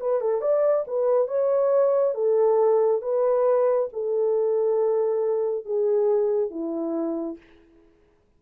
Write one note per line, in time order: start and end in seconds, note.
0.00 0.21 B4
0.21 0.42 A4
0.42 0.85 D5
0.87 1.28 B4
1.28 2.15 C#5
2.15 3.02 A4
3.02 3.89 B4
3.93 5.65 A4
5.65 6.51 G#4
6.51 7.38 E4